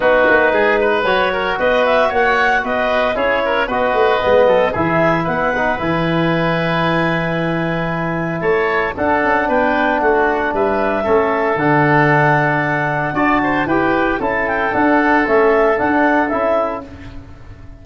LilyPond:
<<
  \new Staff \with { instrumentName = "clarinet" } { \time 4/4 \tempo 4 = 114 b'2 cis''4 dis''8 e''8 | fis''4 dis''4 cis''4 dis''4~ | dis''4 e''4 fis''4 gis''4~ | gis''1 |
a''4 fis''4 g''4 fis''4 | e''2 fis''2~ | fis''4 a''4 g''4 a''8 g''8 | fis''4 e''4 fis''4 e''4 | }
  \new Staff \with { instrumentName = "oboe" } { \time 4/4 fis'4 gis'8 b'4 ais'8 b'4 | cis''4 b'4 gis'8 ais'8 b'4~ | b'8 a'8 gis'4 b'2~ | b'1 |
cis''4 a'4 b'4 fis'4 | b'4 a'2.~ | a'4 d''8 c''8 b'4 a'4~ | a'1 | }
  \new Staff \with { instrumentName = "trombone" } { \time 4/4 dis'2 fis'2~ | fis'2 e'4 fis'4 | b4 e'4. dis'8 e'4~ | e'1~ |
e'4 d'2.~ | d'4 cis'4 d'2~ | d'4 fis'4 g'4 e'4 | d'4 cis'4 d'4 e'4 | }
  \new Staff \with { instrumentName = "tuba" } { \time 4/4 b8 ais8 gis4 fis4 b4 | ais4 b4 cis'4 b8 a8 | gis8 fis8 e4 b4 e4~ | e1 |
a4 d'8 cis'8 b4 a4 | g4 a4 d2~ | d4 d'4 e'4 cis'4 | d'4 a4 d'4 cis'4 | }
>>